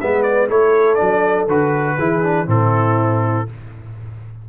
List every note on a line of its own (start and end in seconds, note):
0.00 0.49 G#3
0.00 0.48 B3
0.00 0.49 B4
0.00 0.22 E5
0.22 0.47 D5
0.48 0.99 A3
0.48 0.97 E4
0.48 1.96 A4
0.48 0.95 C#5
0.95 1.47 D4
0.95 1.45 D5
1.01 1.48 F#3
1.48 1.97 D3
1.48 1.99 F#4
1.48 2.49 B4
1.96 2.47 E3
1.96 2.23 E4
1.96 2.46 G#4
2.23 2.46 D4
2.46 3.47 A2
2.46 3.46 C4
2.46 3.48 E4
2.46 3.49 A4